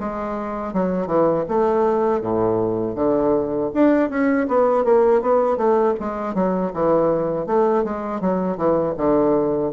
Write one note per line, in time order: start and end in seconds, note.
0.00 0.74 G#3
0.74 1.07 F#3
1.07 1.45 E3
1.49 2.22 A3
2.22 2.96 A2
2.96 3.71 D3
3.74 4.10 D4
4.10 4.47 C#4
4.48 4.85 B3
4.85 5.22 A#3
5.22 5.57 B3
5.57 5.95 A3
6.00 6.35 G#3
6.35 6.72 F#3
6.74 7.47 E3
7.47 7.84 A3
7.84 8.21 G#3
8.21 8.57 F#3
8.57 8.95 E3
8.98 9.73 D3